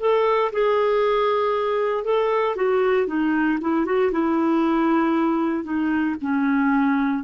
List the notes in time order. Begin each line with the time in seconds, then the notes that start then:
0.00 A4
0.53 G#4
2.05 A4
2.56 F#4
3.07 D#4
3.61 E4
3.86 F#4
4.12 E4
5.64 D#4
6.22 C#4